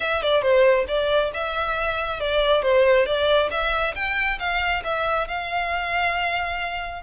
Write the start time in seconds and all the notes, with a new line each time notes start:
0.00 E5
0.22 D5
0.41 C5
0.88 D5
1.33 E5
2.20 D5
2.62 C5
3.06 D5
3.50 E5
3.95 G5
4.39 F5
4.84 E5
5.27 F5